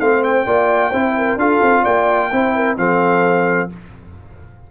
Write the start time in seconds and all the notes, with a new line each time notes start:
0.00 A3 C4 C5 F5
0.24 G5
0.46 A#3 F4 D5
0.90 C4 E4 C5
1.18 A#4
1.37 D4 F4 A4 F5
1.62 C4
1.83 A#3 D5 G5
2.32 C4 E4 C5
2.55 A#4
2.78 F3 C4 A4 F5